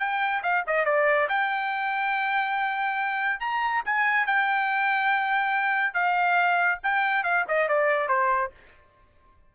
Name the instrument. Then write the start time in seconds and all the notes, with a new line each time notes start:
trumpet
0.00 G5
0.43 F5
0.67 D#5
0.86 D5
1.29 G5
3.41 A#5
3.86 G#5
4.27 G5
5.94 F5
6.84 G5
7.24 F5
7.49 D#5
7.69 D5
8.09 C5